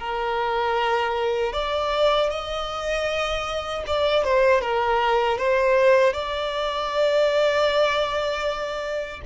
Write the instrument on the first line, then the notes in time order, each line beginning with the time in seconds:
violin
0.00 A#4
1.53 D5
2.30 D#5
3.87 D5
4.24 C5
4.62 A#4
5.38 C5
6.14 D5